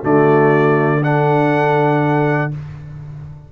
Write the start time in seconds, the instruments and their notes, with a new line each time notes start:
0.00 tuba D3, trombone A3, horn F#4, trumpet D5
1.02 trombone D4, horn A4, trumpet F#5